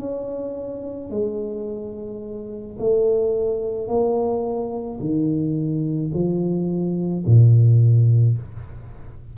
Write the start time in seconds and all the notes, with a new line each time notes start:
0.00 C#4
1.11 G#3
2.79 A3
3.88 A#3
5.01 D#3
6.14 F3
7.27 A#2